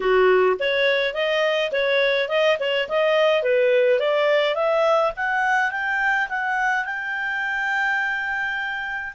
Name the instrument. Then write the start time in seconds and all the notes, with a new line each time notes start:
clarinet
0.00 F#4
0.59 C#5
1.14 D#5
1.71 C#5
2.29 D#5
2.59 C#5
2.88 D#5
3.42 B4
3.99 D5
4.55 E5
5.16 F#5
5.71 G5
6.29 F#5
6.84 G5